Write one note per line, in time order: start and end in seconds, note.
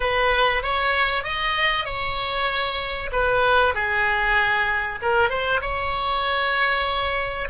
0.00 0.62 B4
0.62 1.23 C#5
1.23 1.85 D#5
1.85 3.10 C#5
3.12 3.74 B4
3.74 4.99 G#4
5.02 5.29 A#4
5.29 5.61 C5
5.61 7.48 C#5